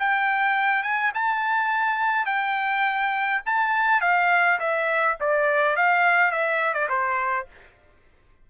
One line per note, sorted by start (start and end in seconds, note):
0.00 0.83 G5
0.83 1.12 G#5
1.15 2.26 A5
2.26 3.42 G5
3.46 4.01 A5
4.01 4.59 F5
4.60 5.17 E5
5.20 5.76 D5
5.76 6.32 F5
6.32 6.74 E5
6.74 6.89 D5
6.89 7.47 C5